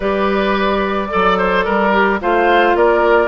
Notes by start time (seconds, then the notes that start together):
0.00 G3 G4 B4 D5
1.09 F#3 A4 D5
1.37 C5
1.64 G3 A#4
1.92 G4
2.20 A3 F4 C5 F5
2.74 A#3 A#4 D5